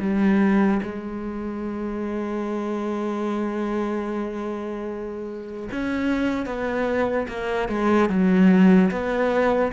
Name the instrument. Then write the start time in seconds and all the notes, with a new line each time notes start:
cello
0.00 G3
0.83 G#3
5.72 C#4
6.46 B3
7.29 A#3
7.69 G#3
8.10 F#3
8.92 B3